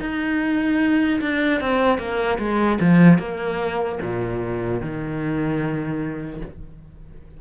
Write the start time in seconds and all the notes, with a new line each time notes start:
0.00 D#4
1.21 D4
1.60 C4
1.98 A#3
2.38 G#3
2.80 F3
3.18 A#3
4.02 A#2
4.81 D#3